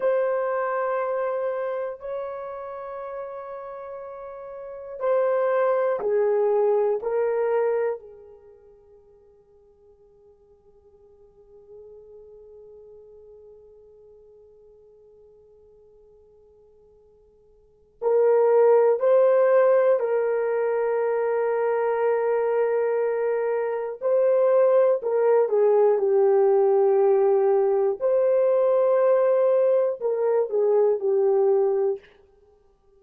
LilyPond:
\new Staff \with { instrumentName = "horn" } { \time 4/4 \tempo 4 = 60 c''2 cis''2~ | cis''4 c''4 gis'4 ais'4 | gis'1~ | gis'1~ |
gis'2 ais'4 c''4 | ais'1 | c''4 ais'8 gis'8 g'2 | c''2 ais'8 gis'8 g'4 | }